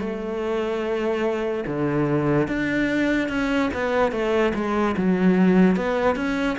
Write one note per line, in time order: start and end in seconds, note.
0.00 1.64 A3
1.67 2.48 D3
2.48 3.29 D4
3.29 3.70 C#4
3.74 4.12 B3
4.12 4.53 A3
4.55 4.96 G#3
4.97 5.76 F#3
5.76 6.16 B3
6.16 6.58 C#4